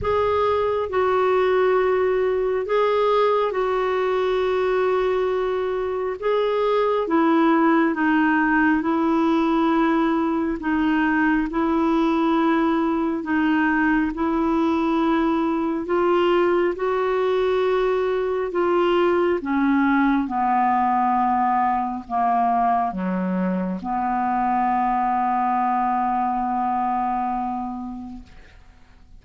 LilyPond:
\new Staff \with { instrumentName = "clarinet" } { \time 4/4 \tempo 4 = 68 gis'4 fis'2 gis'4 | fis'2. gis'4 | e'4 dis'4 e'2 | dis'4 e'2 dis'4 |
e'2 f'4 fis'4~ | fis'4 f'4 cis'4 b4~ | b4 ais4 fis4 b4~ | b1 | }